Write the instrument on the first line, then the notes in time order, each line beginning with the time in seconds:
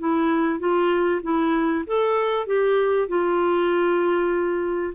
clarinet
0.00 E4
0.60 F4
1.23 E4
1.87 A4
2.47 G4
3.09 F4